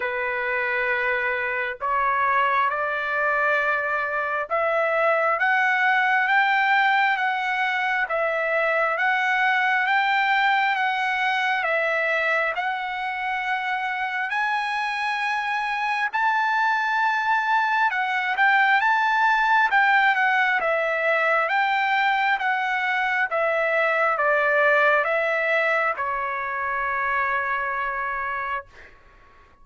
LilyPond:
\new Staff \with { instrumentName = "trumpet" } { \time 4/4 \tempo 4 = 67 b'2 cis''4 d''4~ | d''4 e''4 fis''4 g''4 | fis''4 e''4 fis''4 g''4 | fis''4 e''4 fis''2 |
gis''2 a''2 | fis''8 g''8 a''4 g''8 fis''8 e''4 | g''4 fis''4 e''4 d''4 | e''4 cis''2. | }